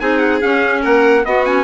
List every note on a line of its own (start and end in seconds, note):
0.00 0.42 C4
0.00 0.41 D#4
0.00 0.82 G#4
0.00 0.19 G#5
0.19 0.40 F#5
0.41 1.24 C#4
0.41 0.86 C#4
0.41 0.83 F5
0.82 1.25 A#3
0.82 1.23 A#4
0.82 1.25 F#5
1.25 1.45 B3
1.25 1.64 B3
1.25 1.64 F#4
1.25 1.46 D#5
1.46 1.64 C#4
1.46 1.64 G#5